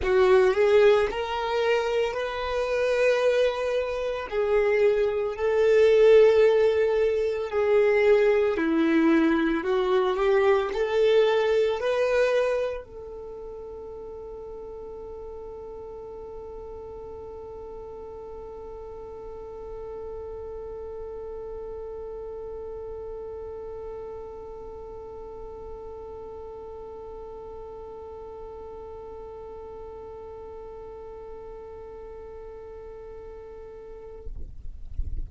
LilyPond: \new Staff \with { instrumentName = "violin" } { \time 4/4 \tempo 4 = 56 fis'8 gis'8 ais'4 b'2 | gis'4 a'2 gis'4 | e'4 fis'8 g'8 a'4 b'4 | a'1~ |
a'1~ | a'1~ | a'1~ | a'1 | }